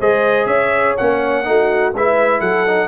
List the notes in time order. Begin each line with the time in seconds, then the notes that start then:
0.00 G#3 G#4 C5 D#5
0.46 C#4 C#5 E5
0.98 A#3 C#4 F#5
1.44 A3 D#4 F#4
1.95 G#3 E4 B4 E5
2.40 F#3 A4 F#5
2.67 D#4